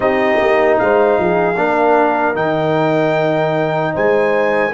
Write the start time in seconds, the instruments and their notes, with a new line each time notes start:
0.00 tuba C4, trombone D#4, horn G4, trumpet D#5
0.40 tuba A#3
0.78 tuba G#3, horn C5, trumpet F5
1.18 tuba F3, horn G#4
1.56 tuba A#3, trombone D4, horn A#4
2.34 tuba D#3, trombone D#4, trumpet G5
3.93 tuba G#3, horn C5, trumpet G#5